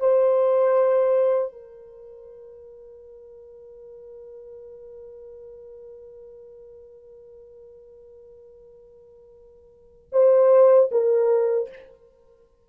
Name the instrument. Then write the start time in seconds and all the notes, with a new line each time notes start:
horn
0.00 C5
1.52 A#4
10.13 C5
10.91 A#4